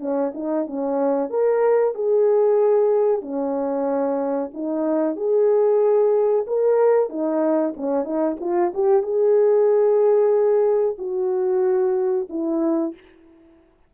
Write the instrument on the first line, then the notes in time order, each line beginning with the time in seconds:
horn
0.00 C#4
0.34 D#4
0.67 C#4
1.30 A#4
1.95 G#4
3.22 C#4
4.54 D#4
5.16 G#4
6.47 A#4
7.09 D#4
7.77 C#4
8.04 D#4
8.40 F4
8.74 G4
9.03 G#4
10.99 F#4
12.30 E4